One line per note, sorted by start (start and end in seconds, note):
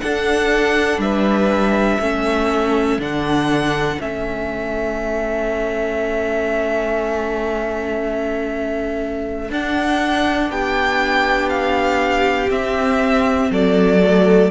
0.00 2.01 D4
0.00 0.98 D4
0.00 1.02 A4
0.00 1.00 F#5
0.98 1.98 G3
0.98 2.01 B4
0.98 3.01 E5
2.00 2.98 A3
2.00 2.99 C#4
2.00 10.51 A4
2.98 3.98 D3
2.98 3.99 D4
2.98 4.01 F#5
4.00 9.50 A3
4.00 9.50 C#4
4.00 9.51 E5
9.50 10.50 D4
9.50 12.49 D4
9.50 10.51 F#5
10.50 12.50 B3
10.50 13.51 G4
10.50 11.49 G5
11.49 12.49 F5
12.49 13.99 C4
12.49 13.50 C4
12.49 13.51 E5
13.51 14.50 F#3
13.51 14.50 A4
13.51 14.50 D5
14.01 14.50 A3